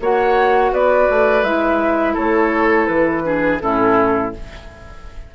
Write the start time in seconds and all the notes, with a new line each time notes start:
0.00 A#3 F#4 C#5 F#5
0.71 B3 B4 D5
1.09 A3
1.43 G#3 E4 E5
2.13 A3 A4 C#5
2.86 E3 B4
3.23 D4 G#4
3.59 A2 C#4 E4 A4